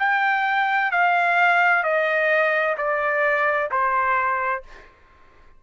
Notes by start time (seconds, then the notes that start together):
0.00 G5
0.92 F5
1.84 D#5
2.78 D5
3.71 C5